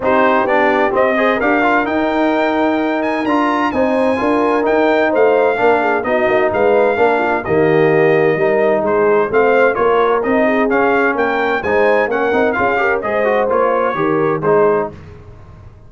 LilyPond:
<<
  \new Staff \with { instrumentName = "trumpet" } { \time 4/4 \tempo 4 = 129 c''4 d''4 dis''4 f''4 | g''2~ g''8 gis''8 ais''4 | gis''2 g''4 f''4~ | f''4 dis''4 f''2 |
dis''2. c''4 | f''4 cis''4 dis''4 f''4 | g''4 gis''4 fis''4 f''4 | dis''4 cis''2 c''4 | }
  \new Staff \with { instrumentName = "horn" } { \time 4/4 g'2~ g'8 c''8 ais'4~ | ais'1 | c''4 ais'2 c''4 | ais'8 gis'8 fis'4 b'4 ais'8 f'8 |
g'2 ais'4 gis'4 | c''4 ais'4. gis'4. | ais'4 c''4 ais'4 gis'8 ais'8 | c''2 ais'4 gis'4 | }
  \new Staff \with { instrumentName = "trombone" } { \time 4/4 dis'4 d'4 c'8 gis'8 g'8 f'8 | dis'2. f'4 | dis'4 f'4 dis'2 | d'4 dis'2 d'4 |
ais2 dis'2 | c'4 f'4 dis'4 cis'4~ | cis'4 dis'4 cis'8 dis'8 f'8 g'8 | gis'8 fis'8 f'4 g'4 dis'4 | }
  \new Staff \with { instrumentName = "tuba" } { \time 4/4 c'4 b4 c'4 d'4 | dis'2. d'4 | c'4 d'4 dis'4 a4 | ais4 b8 ais8 gis4 ais4 |
dis2 g4 gis4 | a4 ais4 c'4 cis'4 | ais4 gis4 ais8 c'8 cis'4 | gis4 ais4 dis4 gis4 | }
>>